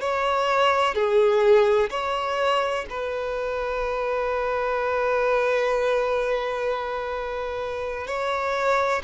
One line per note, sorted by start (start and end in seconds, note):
0.00 0.94 C#5
0.94 1.90 G#4
1.90 2.85 C#5
2.89 8.06 B4
8.06 9.02 C#5